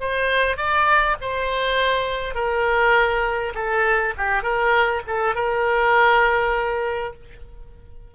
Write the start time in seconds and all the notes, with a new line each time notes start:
0.00 C5
0.57 D5
1.21 C5
2.34 A#4
3.55 A4
4.17 G4
4.43 A#4
5.07 A4
5.35 A#4